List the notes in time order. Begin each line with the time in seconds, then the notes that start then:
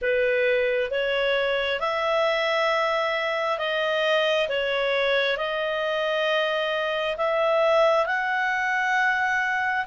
0.01 B4
0.90 C#5
1.80 E5
3.58 D#5
4.48 C#5
5.37 D#5
7.16 E5
8.06 F#5